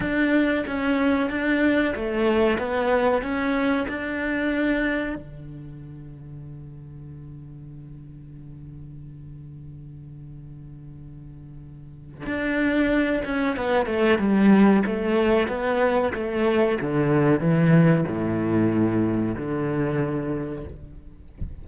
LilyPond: \new Staff \with { instrumentName = "cello" } { \time 4/4 \tempo 4 = 93 d'4 cis'4 d'4 a4 | b4 cis'4 d'2 | d1~ | d1~ |
d2. d'4~ | d'8 cis'8 b8 a8 g4 a4 | b4 a4 d4 e4 | a,2 d2 | }